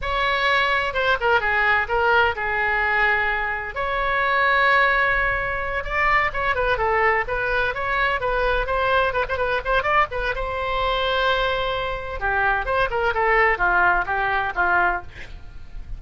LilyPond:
\new Staff \with { instrumentName = "oboe" } { \time 4/4 \tempo 4 = 128 cis''2 c''8 ais'8 gis'4 | ais'4 gis'2. | cis''1~ | cis''8 d''4 cis''8 b'8 a'4 b'8~ |
b'8 cis''4 b'4 c''4 b'16 c''16 | b'8 c''8 d''8 b'8 c''2~ | c''2 g'4 c''8 ais'8 | a'4 f'4 g'4 f'4 | }